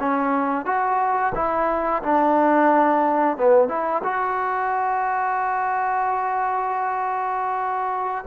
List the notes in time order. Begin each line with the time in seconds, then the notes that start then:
0.00 C#4
0.66 F#4
1.35 E4
2.03 D4
3.38 B3
3.69 E4
4.04 F#4